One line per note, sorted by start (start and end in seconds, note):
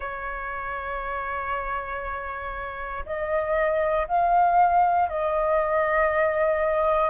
0.00 3.05 C#5
3.05 4.07 D#5
4.07 5.09 F5
5.09 7.10 D#5